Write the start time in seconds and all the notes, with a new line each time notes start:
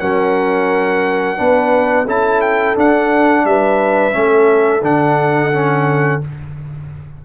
0.00 F#3 C#4 A#4 F#5
1.37 B3 D4 B4
2.05 C#4 E4 A4 A5
2.42 G5
2.76 D4 F#5
3.45 G3 B4 E5
4.12 A3 C#4 A4
4.82 D3 D4 F#5
5.53 C#4